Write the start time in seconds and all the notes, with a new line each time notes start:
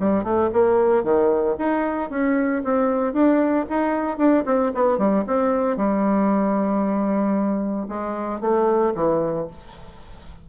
0.00 G3
0.24 A3
0.53 A#3
1.04 D#3
1.59 D#4
2.10 C#4
2.64 C4
3.13 D4
3.70 D#4
4.18 D4
4.46 C4
4.75 B3
4.98 G3
5.27 C4
5.77 G3
7.89 G#3
8.41 A3
8.95 E3